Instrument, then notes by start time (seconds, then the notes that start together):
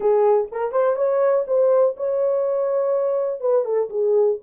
horn
0.00 G#4
0.51 A#4
0.71 C5
0.96 C#5
1.47 C5
1.96 C#5
3.40 B4
3.65 A4
3.89 G#4